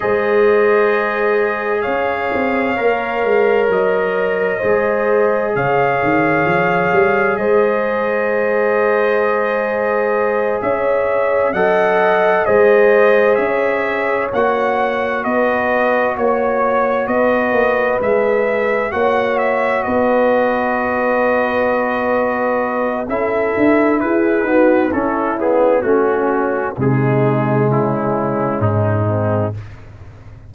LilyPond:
<<
  \new Staff \with { instrumentName = "trumpet" } { \time 4/4 \tempo 4 = 65 dis''2 f''2 | dis''2 f''2 | dis''2.~ dis''8 e''8~ | e''8 fis''4 dis''4 e''4 fis''8~ |
fis''8 dis''4 cis''4 dis''4 e''8~ | e''8 fis''8 e''8 dis''2~ dis''8~ | dis''4 e''4 b'4 a'8 gis'8 | fis'4 gis'4 e'4 dis'4 | }
  \new Staff \with { instrumentName = "horn" } { \time 4/4 c''2 cis''2~ | cis''4 c''4 cis''2 | c''2.~ c''8 cis''8~ | cis''8 dis''4 c''4 cis''4.~ |
cis''8 b'4 cis''4 b'4.~ | b'8 cis''4 b'2~ b'8~ | b'4 a'4 gis'8 fis'8 e'4 | cis'4 dis'4 cis'4. c'8 | }
  \new Staff \with { instrumentName = "trombone" } { \time 4/4 gis'2. ais'4~ | ais'4 gis'2.~ | gis'1~ | gis'8 a'4 gis'2 fis'8~ |
fis'2.~ fis'8 gis'8~ | gis'8 fis'2.~ fis'8~ | fis'4 e'4. b8 cis'8 b8 | cis'4 gis2. | }
  \new Staff \with { instrumentName = "tuba" } { \time 4/4 gis2 cis'8 c'8 ais8 gis8 | fis4 gis4 cis8 dis8 f8 g8 | gis2.~ gis8 cis'8~ | cis'8 fis4 gis4 cis'4 ais8~ |
ais8 b4 ais4 b8 ais8 gis8~ | gis8 ais4 b2~ b8~ | b4 cis'8 d'8 e'8 dis'8 cis'4 | a4 c4 cis4 gis,4 | }
>>